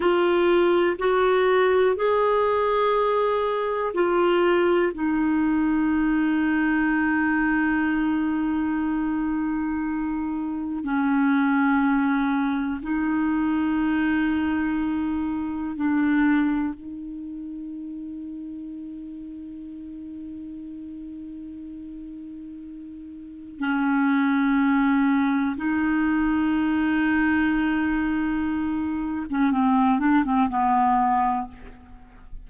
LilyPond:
\new Staff \with { instrumentName = "clarinet" } { \time 4/4 \tempo 4 = 61 f'4 fis'4 gis'2 | f'4 dis'2.~ | dis'2. cis'4~ | cis'4 dis'2. |
d'4 dis'2.~ | dis'1 | cis'2 dis'2~ | dis'4.~ dis'16 cis'16 c'8 d'16 c'16 b4 | }